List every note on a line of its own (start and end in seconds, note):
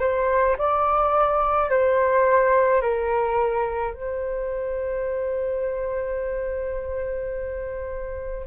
0.00 0.57 C5
0.58 1.70 D5
1.70 2.81 C5
2.81 3.94 A#4
3.94 8.46 C5